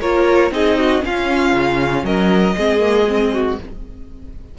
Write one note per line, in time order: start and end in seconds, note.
0.00 0.50 A#3
0.00 0.51 F4
0.00 0.51 A#4
0.00 0.51 C#5
0.50 1.01 C4
0.50 1.01 D#4
0.50 0.79 G#4
0.50 1.04 D#5
0.79 1.04 F#4
1.01 2.54 C#4
1.01 1.53 C#4
1.01 2.04 F4
1.01 2.05 F5
1.53 2.03 C#3
2.03 2.54 F#3
2.03 2.55 A#4
2.03 3.57 D#5
2.56 3.58 G#3
2.56 2.79 C4
2.56 3.33 G#4
2.79 3.04 A#3
3.07 3.58 C4
3.33 3.58 F#4